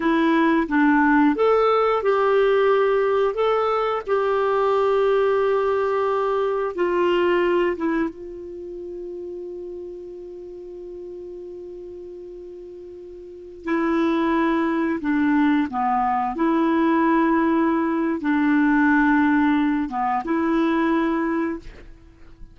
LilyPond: \new Staff \with { instrumentName = "clarinet" } { \time 4/4 \tempo 4 = 89 e'4 d'4 a'4 g'4~ | g'4 a'4 g'2~ | g'2 f'4. e'8 | f'1~ |
f'1~ | f'16 e'2 d'4 b8.~ | b16 e'2~ e'8. d'4~ | d'4. b8 e'2 | }